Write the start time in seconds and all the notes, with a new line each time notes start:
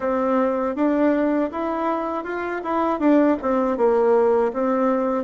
0.00 C4
0.75 D4
1.51 E4
2.23 F4
2.63 E4
2.99 D4
3.42 C4
3.77 A#3
4.53 C4